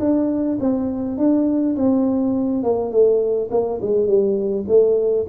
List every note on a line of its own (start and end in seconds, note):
0.00 0.58 D4
0.60 1.18 C4
1.18 1.76 D4
1.76 2.63 C4
2.63 2.92 A#3
2.92 3.50 A3
3.51 3.80 A#3
3.82 4.07 G#3
4.07 4.65 G3
4.68 5.26 A3